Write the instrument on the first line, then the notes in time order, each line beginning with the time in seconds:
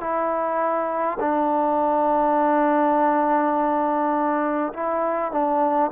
trombone
0.00 E4
1.19 D4
4.73 E4
5.32 D4